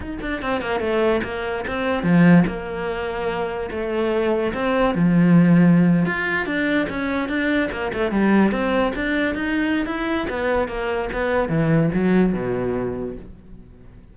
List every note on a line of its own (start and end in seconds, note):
0.00 0.18 D#4
0.21 0.41 D4
0.41 0.61 C4
0.61 0.80 A#3
0.80 1.21 A3
1.23 1.64 A#3
1.67 2.03 C4
2.03 2.44 F3
2.47 3.70 A#3
3.70 4.53 A3
4.53 4.94 C4
4.94 6.05 F3
6.05 6.46 F4
6.46 6.87 D4
6.89 7.28 C#4
7.28 7.69 D4
7.71 7.92 A#3
7.93 8.11 A3
8.11 8.51 G3
8.51 8.93 C4
8.95 9.34 D4
9.34 9.86 D#4
9.86 10.27 E4
10.29 10.68 B3
10.68 11.09 A#3
11.12 11.48 B3
11.48 11.90 E3
11.94 12.33 F#3
12.33 13.15 B2